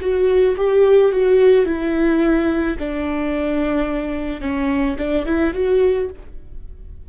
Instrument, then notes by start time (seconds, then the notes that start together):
viola
0.00 F#4
0.57 G4
1.12 F#4
1.65 E4
2.79 D4
4.40 C#4
4.97 D4
5.25 E4
5.54 F#4